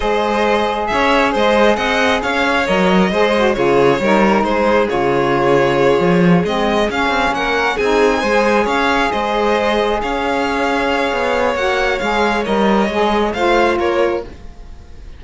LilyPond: <<
  \new Staff \with { instrumentName = "violin" } { \time 4/4 \tempo 4 = 135 dis''2 e''4 dis''4 | fis''4 f''4 dis''2 | cis''2 c''4 cis''4~ | cis''2~ cis''8 dis''4 f''8~ |
f''8 fis''4 gis''2 f''8~ | f''8 dis''2 f''4.~ | f''2 fis''4 f''4 | dis''2 f''4 cis''4 | }
  \new Staff \with { instrumentName = "violin" } { \time 4/4 c''2 cis''4 c''4 | dis''4 cis''2 c''4 | gis'4 ais'4 gis'2~ | gis'1~ |
gis'8 ais'4 gis'4 c''4 cis''8~ | cis''8 c''2 cis''4.~ | cis''1~ | cis''2 c''4 ais'4 | }
  \new Staff \with { instrumentName = "saxophone" } { \time 4/4 gis'1~ | gis'2 ais'4 gis'8 fis'8 | f'4 dis'2 f'4~ | f'2~ f'8 c'4 cis'8~ |
cis'4. dis'4 gis'4.~ | gis'1~ | gis'2 fis'4 gis'4 | ais'4 gis'4 f'2 | }
  \new Staff \with { instrumentName = "cello" } { \time 4/4 gis2 cis'4 gis4 | c'4 cis'4 fis4 gis4 | cis4 g4 gis4 cis4~ | cis4. f4 gis4 cis'8 |
c'8 ais4 c'4 gis4 cis'8~ | cis'8 gis2 cis'4.~ | cis'4 b4 ais4 gis4 | g4 gis4 a4 ais4 | }
>>